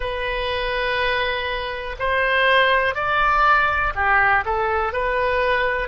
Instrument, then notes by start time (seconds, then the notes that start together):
oboe
0.00 B4
1.99 C5
2.95 D5
3.95 G4
4.45 A4
4.92 B4